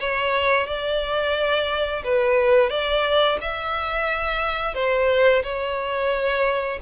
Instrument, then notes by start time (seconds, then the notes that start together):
violin
0.00 C#5
0.67 D5
2.04 B4
2.70 D5
3.41 E5
4.74 C5
5.43 C#5